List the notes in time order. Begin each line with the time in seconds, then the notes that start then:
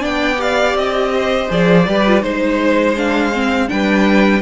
0.00 B3 D4 D5 G5
0.38 G4 F5
0.74 C4 D#5
1.15 C5
1.50 F3 G#4 D5
1.88 G3 G4 B4
2.07 F4
2.22 G#3 D#4 C5
2.97 D4 F5
3.34 C4
3.68 G3 D4 B4 G5